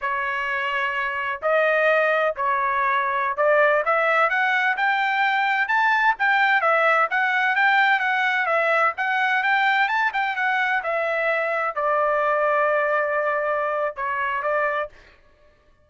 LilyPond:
\new Staff \with { instrumentName = "trumpet" } { \time 4/4 \tempo 4 = 129 cis''2. dis''4~ | dis''4 cis''2~ cis''16 d''8.~ | d''16 e''4 fis''4 g''4.~ g''16~ | g''16 a''4 g''4 e''4 fis''8.~ |
fis''16 g''4 fis''4 e''4 fis''8.~ | fis''16 g''4 a''8 g''8 fis''4 e''8.~ | e''4~ e''16 d''2~ d''8.~ | d''2 cis''4 d''4 | }